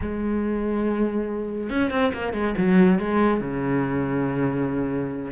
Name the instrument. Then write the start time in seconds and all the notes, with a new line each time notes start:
cello
0.01 G#3
1.69 C#4
1.90 C4
2.13 A#3
2.33 G#3
2.57 F#3
2.98 G#3
3.40 C#3